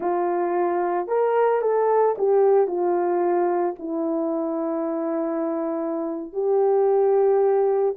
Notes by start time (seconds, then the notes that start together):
0.00 F4
1.07 A#4
1.61 A4
2.17 G4
2.67 F4
3.78 E4
6.32 G4